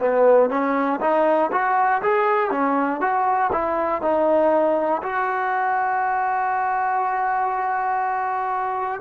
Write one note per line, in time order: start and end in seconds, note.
0.00 0.50 B3
0.50 1.00 C#4
1.01 1.51 D#4
1.52 2.02 F#4
2.02 2.50 G#4
2.50 3.00 C#4
3.00 3.50 F#4
3.52 4.01 E4
4.01 5.01 D#4
5.02 9.01 F#4